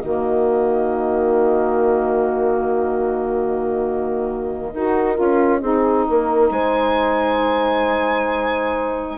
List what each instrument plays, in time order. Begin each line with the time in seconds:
0.00 bassoon D#3, saxophone A#3, horn F#4, violin D#5
4.74 bassoon D#4, saxophone F#4, horn A#4
5.15 bassoon C#4, saxophone F4
5.61 bassoon C4, saxophone D#4, horn G#4
6.09 bassoon A#3, horn A#4
6.50 bassoon G#3, horn C5, violin G#5